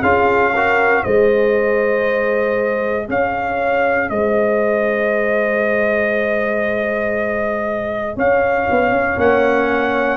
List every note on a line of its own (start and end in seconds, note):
0.00 1.04 C#4
0.00 0.54 F4
0.00 0.51 G#4
0.00 1.03 F5
0.53 1.07 F#4
0.53 1.03 A#4
1.03 3.08 G#3
1.03 9.17 G#4
1.03 3.06 C5
1.03 3.07 D#5
3.08 4.10 C#4
3.08 4.11 C#5
3.08 4.09 F5
4.09 8.16 G#3
4.09 8.15 C5
4.09 8.16 D#5
8.15 8.67 C#4
8.15 10.17 C#5
8.15 9.19 F5
8.70 8.91 B3
8.91 9.16 C#4
9.17 10.17 A#3
9.17 10.17 C#4
9.17 10.17 F#5